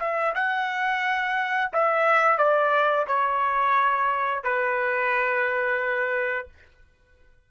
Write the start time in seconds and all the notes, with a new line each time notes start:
0.00 E5
0.35 F#5
1.73 E5
2.38 D5
3.08 C#5
4.44 B4